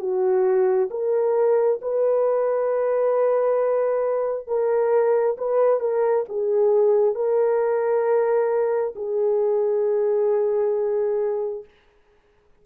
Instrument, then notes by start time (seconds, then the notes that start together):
horn
0.00 F#4
0.90 A#4
1.82 B4
4.47 A#4
5.38 B4
5.80 A#4
6.29 G#4
7.15 A#4
8.96 G#4